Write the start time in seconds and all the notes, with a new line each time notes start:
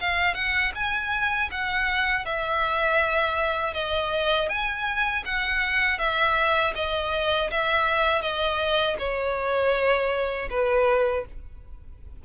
0.00 F5
0.34 F#5
0.74 G#5
1.51 F#5
2.25 E5
3.73 D#5
4.48 G#5
5.25 F#5
5.98 E5
6.75 D#5
7.50 E5
8.21 D#5
8.99 C#5
10.50 B4